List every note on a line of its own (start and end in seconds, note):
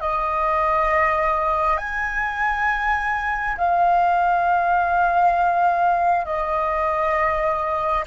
0.00 1.77 D#5
1.77 3.56 G#5
3.57 6.25 F5
6.25 8.04 D#5